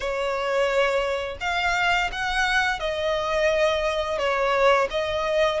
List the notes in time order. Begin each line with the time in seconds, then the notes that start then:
0.00 C#5
1.40 F5
2.12 F#5
2.79 D#5
4.18 C#5
4.90 D#5